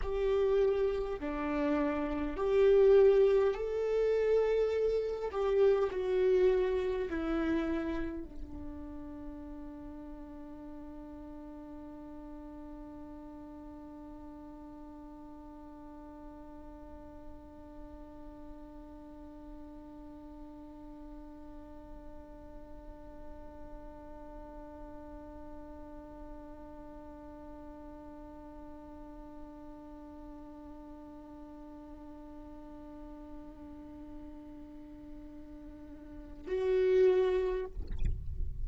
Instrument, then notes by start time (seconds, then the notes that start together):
viola
0.02 G4
1.20 D4
2.36 G4
3.54 A4
5.30 G4
5.91 F#4
7.09 E4
8.24 D4
36.47 F#4